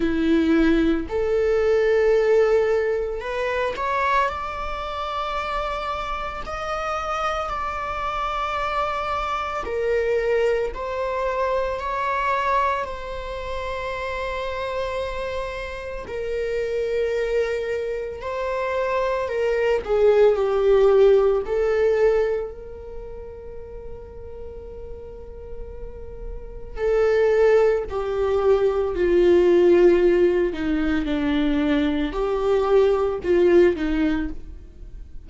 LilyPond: \new Staff \with { instrumentName = "viola" } { \time 4/4 \tempo 4 = 56 e'4 a'2 b'8 cis''8 | d''2 dis''4 d''4~ | d''4 ais'4 c''4 cis''4 | c''2. ais'4~ |
ais'4 c''4 ais'8 gis'8 g'4 | a'4 ais'2.~ | ais'4 a'4 g'4 f'4~ | f'8 dis'8 d'4 g'4 f'8 dis'8 | }